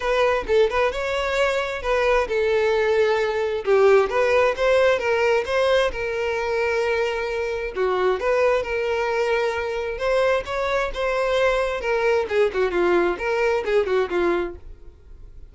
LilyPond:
\new Staff \with { instrumentName = "violin" } { \time 4/4 \tempo 4 = 132 b'4 a'8 b'8 cis''2 | b'4 a'2. | g'4 b'4 c''4 ais'4 | c''4 ais'2.~ |
ais'4 fis'4 b'4 ais'4~ | ais'2 c''4 cis''4 | c''2 ais'4 gis'8 fis'8 | f'4 ais'4 gis'8 fis'8 f'4 | }